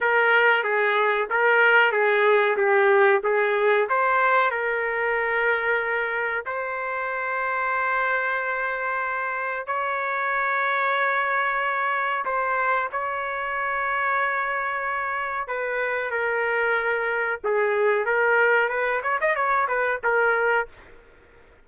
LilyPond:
\new Staff \with { instrumentName = "trumpet" } { \time 4/4 \tempo 4 = 93 ais'4 gis'4 ais'4 gis'4 | g'4 gis'4 c''4 ais'4~ | ais'2 c''2~ | c''2. cis''4~ |
cis''2. c''4 | cis''1 | b'4 ais'2 gis'4 | ais'4 b'8 cis''16 dis''16 cis''8 b'8 ais'4 | }